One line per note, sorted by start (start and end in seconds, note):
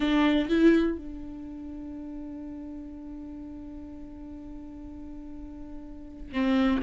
0.00 0.48 D4
0.48 0.97 E4
0.97 6.32 D4
6.32 6.81 C4